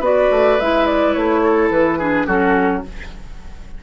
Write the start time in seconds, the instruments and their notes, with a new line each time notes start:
0.00 bassoon B3, clarinet F#4, oboe B4, flute D5
0.31 bassoon A3
0.60 bassoon G#3, clarinet E4, flute E5
0.87 flute D5
1.14 bassoon A3, flute C#5
1.44 oboe A4
1.70 bassoon E3, flute B4
1.99 clarinet D4, oboe G#4
2.27 bassoon F#3, clarinet C#4, oboe F#4, flute A4